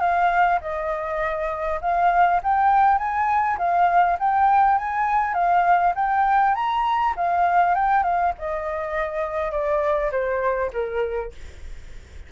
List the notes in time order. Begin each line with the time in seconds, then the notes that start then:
0.00 F5
0.61 D#5
1.81 F5
2.43 G5
2.98 G#5
3.58 F5
4.19 G5
4.78 G#5
5.34 F5
5.95 G5
6.55 A#5
7.17 F5
7.75 G5
8.03 F5
8.38 D#5
9.52 D5
10.12 C5
10.73 A#4